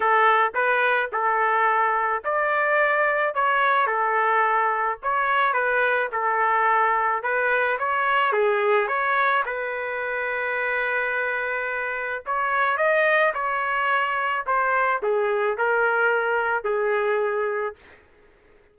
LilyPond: \new Staff \with { instrumentName = "trumpet" } { \time 4/4 \tempo 4 = 108 a'4 b'4 a'2 | d''2 cis''4 a'4~ | a'4 cis''4 b'4 a'4~ | a'4 b'4 cis''4 gis'4 |
cis''4 b'2.~ | b'2 cis''4 dis''4 | cis''2 c''4 gis'4 | ais'2 gis'2 | }